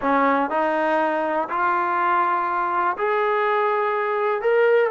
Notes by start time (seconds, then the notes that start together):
0.01 C#4
0.50 D#4
1.49 F4
2.97 G#4
4.41 A#4